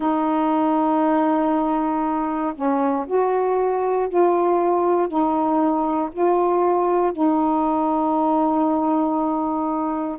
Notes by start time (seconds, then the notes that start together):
0.00 D#4
2.55 C#4
3.06 F#4
4.08 F4
5.08 D#4
6.12 F4
7.12 D#4